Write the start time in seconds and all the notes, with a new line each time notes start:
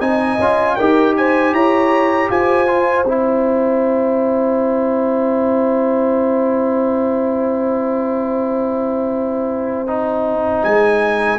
0.00 C4 D#4 D#5 G#5
0.38 C#4 F4
0.76 D#4 G4 A#4 G5
1.16 C5 G#5
1.53 E4 C#5 A#5
2.30 F4 C5 G#5
2.67 F4
3.04 C4 E4 G5
9.87 D#4
10.62 G#3 G#5